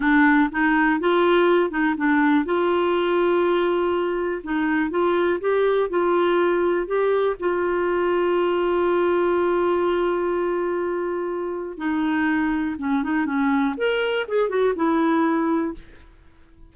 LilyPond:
\new Staff \with { instrumentName = "clarinet" } { \time 4/4 \tempo 4 = 122 d'4 dis'4 f'4. dis'8 | d'4 f'2.~ | f'4 dis'4 f'4 g'4 | f'2 g'4 f'4~ |
f'1~ | f'1 | dis'2 cis'8 dis'8 cis'4 | ais'4 gis'8 fis'8 e'2 | }